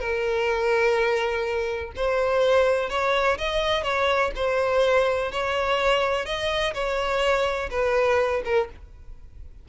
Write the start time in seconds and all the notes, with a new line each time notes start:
0.00 A#4
1.96 C5
2.90 C#5
3.38 D#5
3.83 C#5
4.36 C5
5.32 C#5
6.26 D#5
6.74 C#5
7.70 B4
8.45 A#4